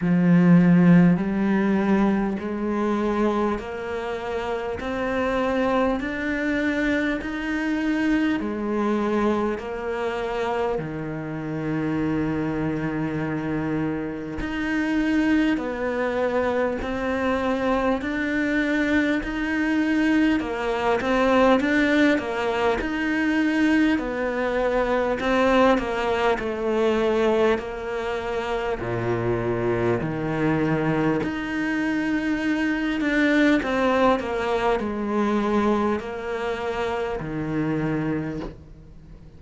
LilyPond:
\new Staff \with { instrumentName = "cello" } { \time 4/4 \tempo 4 = 50 f4 g4 gis4 ais4 | c'4 d'4 dis'4 gis4 | ais4 dis2. | dis'4 b4 c'4 d'4 |
dis'4 ais8 c'8 d'8 ais8 dis'4 | b4 c'8 ais8 a4 ais4 | ais,4 dis4 dis'4. d'8 | c'8 ais8 gis4 ais4 dis4 | }